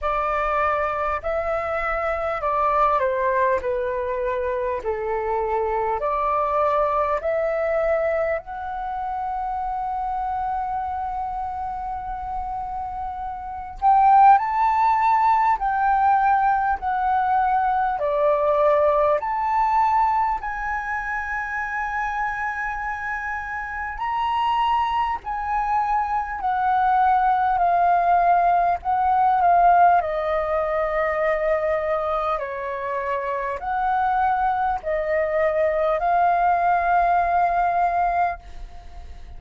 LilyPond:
\new Staff \with { instrumentName = "flute" } { \time 4/4 \tempo 4 = 50 d''4 e''4 d''8 c''8 b'4 | a'4 d''4 e''4 fis''4~ | fis''2.~ fis''8 g''8 | a''4 g''4 fis''4 d''4 |
a''4 gis''2. | ais''4 gis''4 fis''4 f''4 | fis''8 f''8 dis''2 cis''4 | fis''4 dis''4 f''2 | }